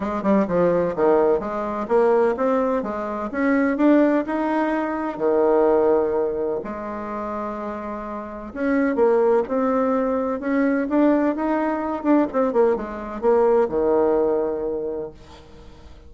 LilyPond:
\new Staff \with { instrumentName = "bassoon" } { \time 4/4 \tempo 4 = 127 gis8 g8 f4 dis4 gis4 | ais4 c'4 gis4 cis'4 | d'4 dis'2 dis4~ | dis2 gis2~ |
gis2 cis'4 ais4 | c'2 cis'4 d'4 | dis'4. d'8 c'8 ais8 gis4 | ais4 dis2. | }